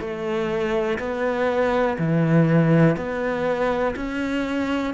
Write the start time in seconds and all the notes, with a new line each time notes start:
0.00 A3
0.99 B3
1.98 E3
2.96 B3
3.96 C#4